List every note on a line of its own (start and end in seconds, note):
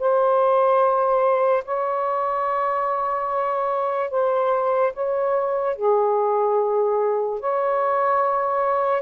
0.00 1.64 C5
1.66 4.11 C#5
4.11 4.93 C5
4.94 5.76 C#5
5.76 7.40 G#4
7.40 9.03 C#5